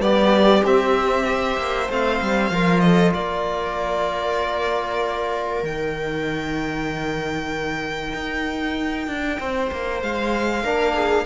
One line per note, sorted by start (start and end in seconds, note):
0.00 0.62 G3
0.00 0.63 B3
0.00 1.26 G4
0.00 0.64 D5
0.63 1.57 C4
0.63 1.25 C4
0.63 1.91 E5
1.25 1.88 G4
1.25 2.53 C5
1.58 1.89 A#3
1.89 2.21 A3
1.89 2.53 C4
1.89 2.80 F5
2.21 2.50 G3
2.50 3.13 F3
2.50 5.66 F4
2.50 2.84 A#4
2.80 3.14 A4
2.80 3.11 D#5
3.14 5.63 A#3
3.14 9.39 A#4
3.14 5.64 D5
5.63 8.13 D#3
5.63 10.63 D#4
5.63 10.02 G5
8.14 9.07 D#4
9.07 9.39 D4
9.40 9.71 C4
9.40 10.63 C5
9.72 10.02 A#3
10.02 10.64 G#3
10.02 11.26 F5
10.63 11.26 A#3
10.63 11.26 D4
10.63 10.94 A#4
10.94 11.25 G#4